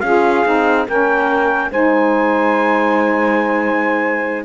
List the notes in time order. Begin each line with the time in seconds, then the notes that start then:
0.00 C#4 F4 G#4 F5
0.45 C4 D#4
0.87 A#3 C#4 A#4 G5
1.70 G#3 D#4 C5 G#5